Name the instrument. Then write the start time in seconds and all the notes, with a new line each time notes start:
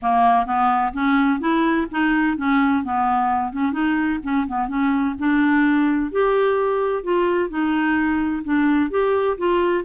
clarinet
0.01 A#3
0.45 B3
0.93 C#4
1.40 E4
1.91 D#4
2.37 C#4
2.84 B3
3.52 C#4
3.72 D#4
4.23 C#4
4.47 B3
4.68 C#4
5.18 D4
6.11 G4
7.03 F4
7.49 D#4
8.44 D4
8.90 G4
9.37 F4